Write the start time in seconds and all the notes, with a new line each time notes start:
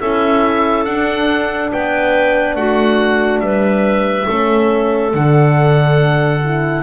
0.00 C#4 E4 A4 E5
0.85 D4 F#5
1.72 B3 B4 G5
2.55 A3 F#4 F#5
3.40 G3 B4 E5
4.27 A3 C#4 A4
5.14 D3 D4 F#5
6.44 E4